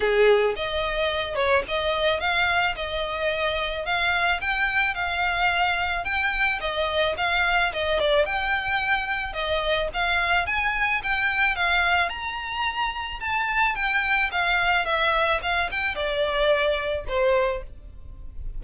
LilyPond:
\new Staff \with { instrumentName = "violin" } { \time 4/4 \tempo 4 = 109 gis'4 dis''4. cis''8 dis''4 | f''4 dis''2 f''4 | g''4 f''2 g''4 | dis''4 f''4 dis''8 d''8 g''4~ |
g''4 dis''4 f''4 gis''4 | g''4 f''4 ais''2 | a''4 g''4 f''4 e''4 | f''8 g''8 d''2 c''4 | }